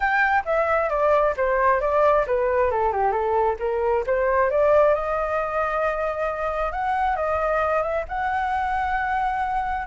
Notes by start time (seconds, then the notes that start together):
0.00 G5
0.45 E5
0.89 D5
1.36 C5
1.81 D5
2.27 B4
2.70 A4
2.92 G4
3.11 A4
3.59 A#4
4.06 C5
4.50 D5
4.94 D#5
6.72 F#5
7.15 D#5
7.82 E5
8.08 F#5